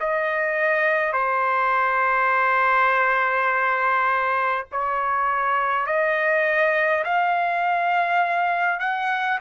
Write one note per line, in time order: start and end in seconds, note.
0.00 1.13 D#5
1.13 4.65 C5
4.72 5.86 C#5
5.86 7.04 D#5
7.04 8.80 F5
8.80 9.39 F#5